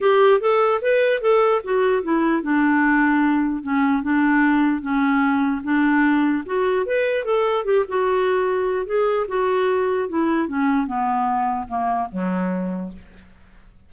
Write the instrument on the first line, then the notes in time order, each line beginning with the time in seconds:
clarinet
0.00 G4
0.40 A4
0.81 B4
1.21 A4
1.63 F#4
2.02 E4
2.42 D4
3.63 C#4
4.02 D4
4.81 C#4
5.63 D4
6.45 F#4
6.86 B4
7.25 A4
7.64 G4
7.88 F#4
8.86 G#4
9.28 F#4
10.08 E4
10.48 C#4
10.86 B3
11.68 A#3
12.11 F#3